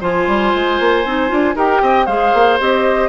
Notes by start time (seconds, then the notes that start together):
0.00 F3 F4 C5 G#5
0.27 G3
0.54 G#3
0.79 A#3
1.04 C4 D#4
1.28 D4 F4
1.55 D#4 G4 A#4 G5
1.81 C4 D#5
2.05 G#3 G#4 C5 F5
2.33 A#3
2.59 C4 G4 D#5